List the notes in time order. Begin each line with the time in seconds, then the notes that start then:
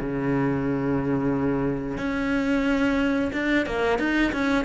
0.00 C#3
1.97 C#4
3.33 D4
3.66 A#3
3.98 D#4
4.32 C#4